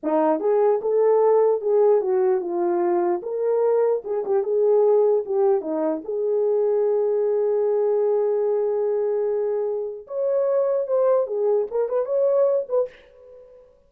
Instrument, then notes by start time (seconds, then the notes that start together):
horn
0.03 D#4
0.40 G#4
0.81 A4
1.61 G#4
2.01 F#4
2.40 F4
3.22 A#4
4.04 G#4
4.25 G4
4.43 G#4
5.25 G4
5.61 D#4
6.04 G#4
10.07 C#5
10.87 C5
11.27 G#4
11.71 A#4
11.88 B4
12.05 C#5
12.68 B4